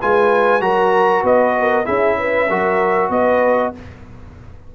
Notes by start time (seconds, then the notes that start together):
0.00 G#3 F4 B4 G#5
0.60 F#3 F#4 A#4 A#5
1.23 B3 B4 D#5
1.60 A#4
1.84 C#4 E4 G#4 E5
2.18 B4
2.49 F#3 F#4 A#4
3.09 B3 B4 D#5